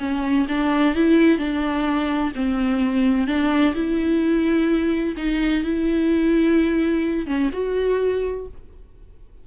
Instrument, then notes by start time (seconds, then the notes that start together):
viola
0.00 C#4
0.49 D4
0.95 E4
1.39 D4
2.35 C4
3.27 D4
3.75 E4
5.17 D#4
5.64 E4
7.27 C#4
7.53 F#4